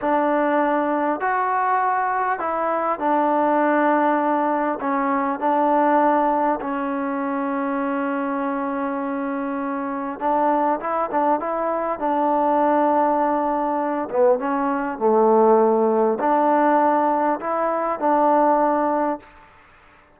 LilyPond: \new Staff \with { instrumentName = "trombone" } { \time 4/4 \tempo 4 = 100 d'2 fis'2 | e'4 d'2. | cis'4 d'2 cis'4~ | cis'1~ |
cis'4 d'4 e'8 d'8 e'4 | d'2.~ d'8 b8 | cis'4 a2 d'4~ | d'4 e'4 d'2 | }